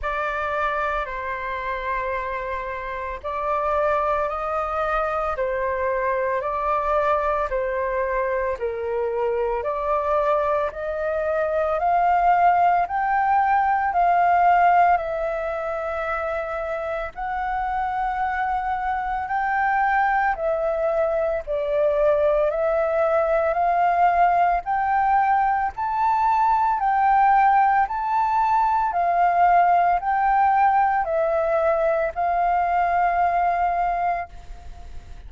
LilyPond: \new Staff \with { instrumentName = "flute" } { \time 4/4 \tempo 4 = 56 d''4 c''2 d''4 | dis''4 c''4 d''4 c''4 | ais'4 d''4 dis''4 f''4 | g''4 f''4 e''2 |
fis''2 g''4 e''4 | d''4 e''4 f''4 g''4 | a''4 g''4 a''4 f''4 | g''4 e''4 f''2 | }